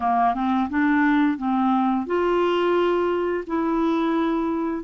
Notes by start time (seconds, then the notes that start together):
0.00 A#3
0.34 C4
0.69 D4
1.37 C4
2.06 F4
3.46 E4